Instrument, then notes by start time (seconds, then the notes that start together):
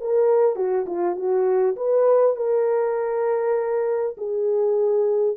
horn
0.00 A#4
0.55 F#4
0.86 F4
1.15 F#4
1.76 B4
2.36 A#4
4.17 G#4